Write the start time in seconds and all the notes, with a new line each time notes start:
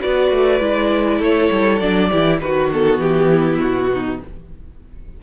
0.00 B3 F#4 B4 D5
0.31 A3
0.60 G#3 E4
1.18 A3 A4 C#5
1.51 G3
1.79 F#3 D4 D5
2.10 E3 E4 G4
2.41 D#3 F#4 B4
2.72 B3 A4
2.98 E3 G4
3.30 E4
3.60 B2 F#4
3.93 D#4